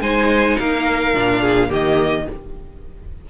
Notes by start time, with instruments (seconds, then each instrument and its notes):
0.00 cello G#3, viola D#4, violin C5 G#5
0.59 cello A#3, violin A#4 F5
1.14 cello A#2, viola D4
1.41 violin G#4
1.69 cello D#3, viola A#3, violin G4 D#5